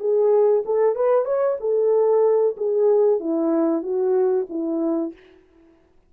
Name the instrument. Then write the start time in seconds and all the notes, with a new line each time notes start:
horn
0.00 G#4
0.66 A4
0.96 B4
1.25 C#5
1.60 A4
2.57 G#4
3.20 E4
3.83 F#4
4.50 E4